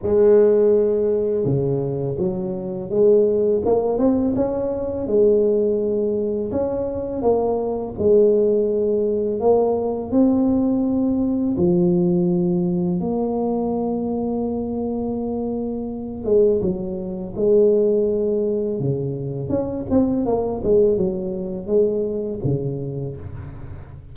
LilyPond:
\new Staff \with { instrumentName = "tuba" } { \time 4/4 \tempo 4 = 83 gis2 cis4 fis4 | gis4 ais8 c'8 cis'4 gis4~ | gis4 cis'4 ais4 gis4~ | gis4 ais4 c'2 |
f2 ais2~ | ais2~ ais8 gis8 fis4 | gis2 cis4 cis'8 c'8 | ais8 gis8 fis4 gis4 cis4 | }